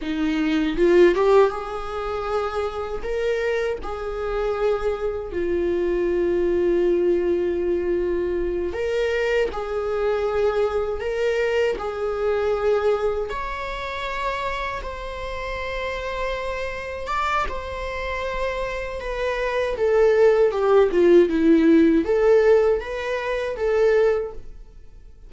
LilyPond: \new Staff \with { instrumentName = "viola" } { \time 4/4 \tempo 4 = 79 dis'4 f'8 g'8 gis'2 | ais'4 gis'2 f'4~ | f'2.~ f'8 ais'8~ | ais'8 gis'2 ais'4 gis'8~ |
gis'4. cis''2 c''8~ | c''2~ c''8 d''8 c''4~ | c''4 b'4 a'4 g'8 f'8 | e'4 a'4 b'4 a'4 | }